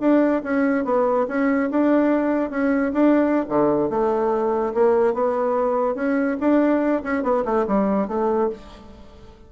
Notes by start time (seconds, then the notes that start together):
0.00 D4
0.43 C#4
0.84 B3
1.27 C#4
1.70 D4
2.50 C#4
2.93 D4
3.48 D3
3.89 A3
4.74 A#3
5.13 B3
5.95 C#4
6.40 D4
7.03 C#4
7.23 B3
7.44 A3
7.67 G3
8.08 A3